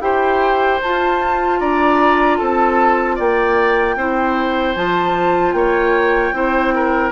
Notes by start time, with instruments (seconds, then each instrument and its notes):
0.00 bassoon E4, clarinet G4, oboe C5, flute G5
0.82 clarinet F4, bassoon F4, flute A5
1.59 bassoon D4, oboe D5, flute A#5
2.37 bassoon C4, oboe A4, flute A5
3.15 bassoon A#3, oboe D5, flute G5
3.96 bassoon C4, clarinet E4, oboe C5
4.75 bassoon F3, clarinet F4, flute A5
5.52 bassoon A#3, oboe C#5, flute G5
6.32 bassoon C4, clarinet E4, oboe C5
6.74 oboe A#4